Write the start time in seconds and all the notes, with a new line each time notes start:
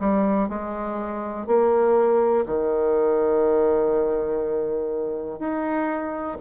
0.00 G3
0.49 G#3
1.47 A#3
2.46 D#3
5.40 D#4